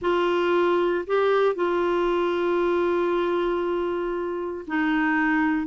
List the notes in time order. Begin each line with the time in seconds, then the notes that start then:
0.01 F4
1.06 G4
1.55 F4
4.67 D#4